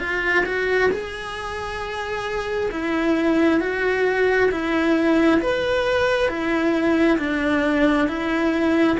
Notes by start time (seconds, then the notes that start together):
0.00 F4
0.46 F#4
0.91 G#4
2.72 E4
3.61 F#4
4.51 E4
5.41 B4
6.28 E4
7.18 D4
8.08 E4